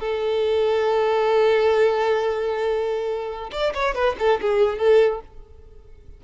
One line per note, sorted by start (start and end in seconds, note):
0.00 3.51 A4
3.52 3.73 D5
3.74 3.95 C#5
3.95 4.16 B4
4.19 4.41 A4
4.41 4.78 G#4
4.78 5.21 A4